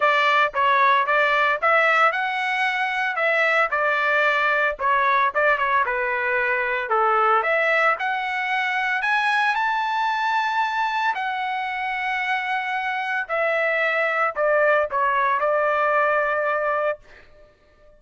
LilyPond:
\new Staff \with { instrumentName = "trumpet" } { \time 4/4 \tempo 4 = 113 d''4 cis''4 d''4 e''4 | fis''2 e''4 d''4~ | d''4 cis''4 d''8 cis''8 b'4~ | b'4 a'4 e''4 fis''4~ |
fis''4 gis''4 a''2~ | a''4 fis''2.~ | fis''4 e''2 d''4 | cis''4 d''2. | }